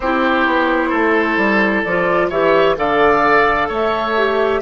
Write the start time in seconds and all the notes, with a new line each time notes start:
0.00 C4 E4 G4 C5
0.46 B3
0.89 A3 A4
1.37 G3
1.83 F3 F4 D5
2.29 E3 G4 C#5 E5
2.76 D3 A4 D5 F5
3.68 A3 C#5 E5
4.17 G4